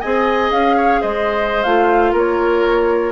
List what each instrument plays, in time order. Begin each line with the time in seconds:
0.00 bassoon C4, clarinet G#4, oboe D#5, flute G#5
0.51 bassoon C#4, flute F5
0.77 oboe C#5
1.01 bassoon G#3, oboe C5, flute D#5
1.63 bassoon A3, clarinet F4, flute F5
2.12 bassoon A#3, oboe A#4, flute C#5